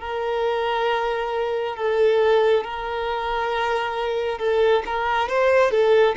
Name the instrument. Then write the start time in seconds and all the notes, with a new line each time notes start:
violin
0.00 A#4
1.76 A4
2.64 A#4
4.38 A4
4.86 A#4
5.29 C5
5.71 A4